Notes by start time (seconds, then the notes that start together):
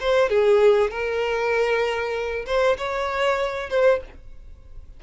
0.00 C5
0.29 G#4
0.91 A#4
2.46 C5
2.77 C#5
3.70 C5